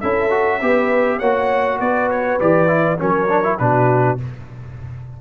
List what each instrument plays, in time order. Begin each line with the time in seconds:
0.00 tuba C#4, trombone E4, horn A4, trumpet E5
0.30 trombone F#4
0.61 tuba B3, trombone G4, horn B4
1.18 tuba A#3, trombone F#4, horn C#5, trumpet F#5
1.79 tuba B3, horn B4, trumpet D5
2.10 trumpet C#5
2.40 tuba E3, trombone G4, trumpet D5
2.67 trombone E4
2.98 tuba F#3, trombone C#4, horn A#4, trumpet C#5
3.29 trombone D4
3.43 trombone E4
3.58 tuba B2, trombone D4, horn F#4, trumpet B4